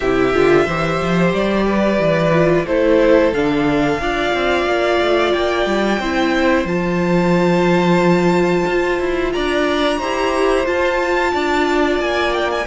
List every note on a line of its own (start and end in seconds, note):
0.00 0.34 C3
0.00 0.33 E4
0.00 0.65 G4
0.00 1.31 E5
0.33 0.67 D3
0.33 0.66 F4
0.65 1.00 E3
0.65 2.32 G4
0.65 1.65 C5
1.01 1.33 F3
1.33 1.98 G3
1.33 2.67 D5
1.66 2.66 B4
1.98 2.65 E3
2.32 2.66 F4
2.66 3.32 A3
2.66 3.34 E4
2.66 4.01 A4
2.66 3.33 C5
3.32 3.99 D3
3.32 4.01 D4
3.32 5.33 F5
3.99 4.32 D4
3.99 6.01 F4
3.99 5.99 D5
4.33 4.65 C4
4.65 4.99 A#3
5.00 5.34 A3
5.33 5.65 A#3
5.33 6.66 G5
5.65 5.99 G3
5.99 6.64 C4
5.99 6.67 E4
5.99 9.32 C5
6.64 8.64 F3
6.64 10.00 F4
6.64 9.32 A5
8.66 8.99 F4
8.99 9.33 E4
9.32 9.99 D4
9.32 9.98 D5
9.32 10.65 A#5
9.98 10.66 E4
9.98 10.64 G4
9.98 11.31 C5
10.64 12.64 F4
10.64 11.33 F4
10.64 12.00 A5
11.33 11.99 D4
11.33 12.66 D5
11.99 12.66 A#3
11.99 12.33 G#5
12.33 12.50 G5
12.51 12.66 G#5